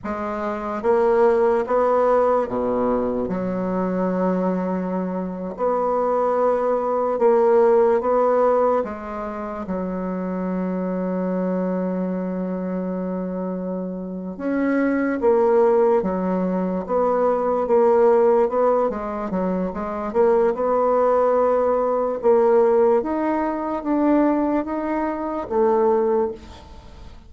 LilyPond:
\new Staff \with { instrumentName = "bassoon" } { \time 4/4 \tempo 4 = 73 gis4 ais4 b4 b,4 | fis2~ fis8. b4~ b16~ | b8. ais4 b4 gis4 fis16~ | fis1~ |
fis4. cis'4 ais4 fis8~ | fis8 b4 ais4 b8 gis8 fis8 | gis8 ais8 b2 ais4 | dis'4 d'4 dis'4 a4 | }